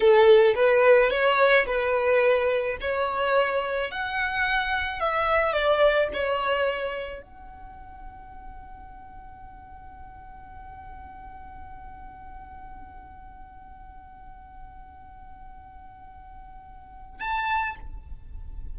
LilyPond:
\new Staff \with { instrumentName = "violin" } { \time 4/4 \tempo 4 = 108 a'4 b'4 cis''4 b'4~ | b'4 cis''2 fis''4~ | fis''4 e''4 d''4 cis''4~ | cis''4 fis''2.~ |
fis''1~ | fis''1~ | fis''1~ | fis''2. a''4 | }